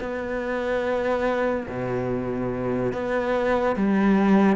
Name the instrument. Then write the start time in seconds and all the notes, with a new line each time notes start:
cello
0.00 B3
1.68 B2
2.92 B3
3.76 G3